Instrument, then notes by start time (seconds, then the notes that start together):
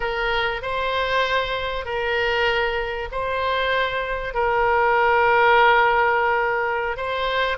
oboe
0.00 A#4
0.62 C5
1.85 A#4
3.11 C5
4.34 A#4
6.96 C5